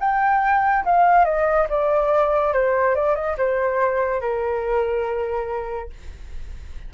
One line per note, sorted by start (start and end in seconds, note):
0.00 0.85 G5
0.85 1.25 F5
1.25 1.67 D#5
1.69 2.54 D5
2.54 2.95 C5
2.95 3.15 D5
3.15 3.36 D#5
3.38 4.21 C5
4.21 5.90 A#4